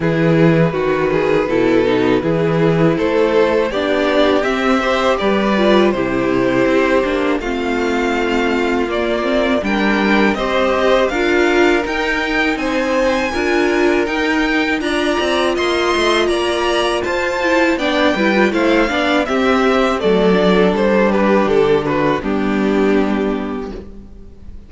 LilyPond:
<<
  \new Staff \with { instrumentName = "violin" } { \time 4/4 \tempo 4 = 81 b'1 | c''4 d''4 e''4 d''4 | c''2 f''2 | d''4 g''4 dis''4 f''4 |
g''4 gis''2 g''4 | ais''4 c'''4 ais''4 a''4 | g''4 f''4 e''4 d''4 | c''8 b'8 a'8 b'8 g'2 | }
  \new Staff \with { instrumentName = "violin" } { \time 4/4 gis'4 fis'8 gis'8 a'4 gis'4 | a'4 g'4. c''8 b'4 | g'2 f'2~ | f'4 ais'4 c''4 ais'4~ |
ais'4 c''4 ais'2 | d''4 dis''4 d''4 c''4 | d''8 b'8 c''8 d''8 g'4 a'4~ | a'8 g'4 fis'8 d'2 | }
  \new Staff \with { instrumentName = "viola" } { \time 4/4 e'4 fis'4 e'8 dis'8 e'4~ | e'4 d'4 c'8 g'4 f'8 | e'4. d'8 c'2 | ais8 c'8 d'4 g'4 f'4 |
dis'2 f'4 dis'4 | f'2.~ f'8 e'8 | d'8 e'16 f'16 e'8 d'8 c'4 a8 d'8~ | d'2 b2 | }
  \new Staff \with { instrumentName = "cello" } { \time 4/4 e4 dis4 b,4 e4 | a4 b4 c'4 g4 | c4 c'8 ais8 a2 | ais4 g4 c'4 d'4 |
dis'4 c'4 d'4 dis'4 | d'8 c'8 ais8 a8 ais4 f'4 | b8 g8 a8 b8 c'4 fis4 | g4 d4 g2 | }
>>